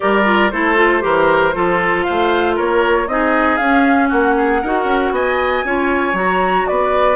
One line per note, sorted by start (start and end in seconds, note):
0.00 0.52 G3
0.00 0.24 G4
0.00 0.52 A#4
0.00 0.50 D5
0.24 0.50 F4
0.50 1.03 A3
0.50 0.75 E4
0.50 1.03 A4
0.50 2.03 C5
0.75 1.01 F4
1.01 1.54 E3
1.01 1.52 G4
1.01 1.55 A#4
1.54 2.07 F3
1.54 3.08 F4
1.54 2.05 A4
2.03 2.55 C5
2.03 2.54 F5
2.09 2.59 A3
2.55 3.07 A#3
2.55 3.07 A#4
2.55 3.08 C#5
3.07 3.58 C4
3.07 3.59 D#4
3.07 4.09 G#4
3.07 3.56 D#5
3.56 4.10 C#4
3.56 4.64 C#4
3.56 4.08 F5
4.09 4.63 A#3
4.09 4.34 F#4
4.09 5.13 F#5
4.37 4.61 G#4
4.61 4.84 D#4
4.61 5.65 F#4
4.61 5.12 A#4
4.84 5.10 C#4
5.11 5.62 B3
5.11 5.65 D#5
5.11 6.16 G#5
5.64 6.13 C#4
5.64 6.13 F4
5.64 6.68 C#5
6.13 6.64 F#3
6.13 7.15 F#4
6.13 6.67 A#5
6.67 7.16 B3
6.67 7.16 B4
6.67 7.16 D5